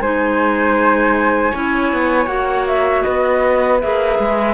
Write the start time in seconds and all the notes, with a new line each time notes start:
0.00 G#3 D#4 C5 G#5
1.51 C#4 E4 C#5
1.93 B3
2.27 A#3 F#4 F#5
2.67 E5
3.03 B3 B4 D#5
3.81 A#3 G#4 E5
4.19 G#3